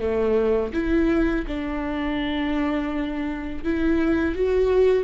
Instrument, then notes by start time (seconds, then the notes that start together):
viola
0.00 A3
0.73 E4
1.47 D4
3.64 E4
4.35 F#4